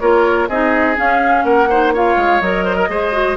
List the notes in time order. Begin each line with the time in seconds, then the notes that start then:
0.00 A#3 F4 A#4 C#5
0.48 C4 D#4 G#4 D#5
0.96 C#4 F5
1.44 A#3 A#4 F#5
1.69 D#4 C5
1.93 F4 C#5 F5
2.17 G#3
2.41 F#3 A#4 D#5
2.65 C5
2.76 A#4
2.89 G#3 G#4 C5
3.12 F#4